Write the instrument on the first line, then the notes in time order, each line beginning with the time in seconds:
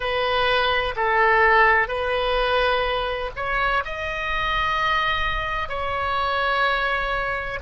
oboe
0.00 B4
0.96 A4
1.88 B4
3.35 C#5
3.84 D#5
5.68 C#5